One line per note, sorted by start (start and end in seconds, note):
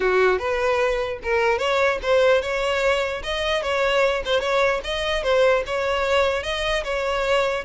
0.00 0.38 F#4
0.38 1.19 B4
1.22 1.58 A#4
1.58 1.98 C#5
2.02 2.41 C5
2.41 3.22 C#5
3.23 3.62 D#5
3.62 4.22 C#5
4.25 4.40 C5
4.40 4.80 C#5
4.83 5.23 D#5
5.23 5.63 C5
5.66 6.43 C#5
6.43 6.83 D#5
6.83 7.64 C#5